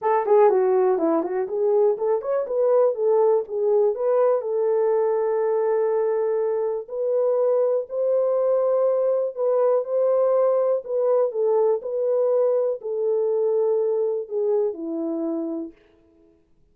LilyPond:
\new Staff \with { instrumentName = "horn" } { \time 4/4 \tempo 4 = 122 a'8 gis'8 fis'4 e'8 fis'8 gis'4 | a'8 cis''8 b'4 a'4 gis'4 | b'4 a'2.~ | a'2 b'2 |
c''2. b'4 | c''2 b'4 a'4 | b'2 a'2~ | a'4 gis'4 e'2 | }